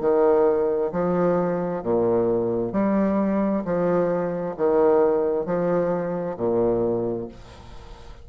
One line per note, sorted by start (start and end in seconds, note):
0.00 0.91 D#3
0.92 1.83 F3
1.83 2.72 A#2
2.72 3.63 G3
3.64 4.55 F3
4.57 5.45 D#3
5.45 6.36 F3
6.37 7.28 A#2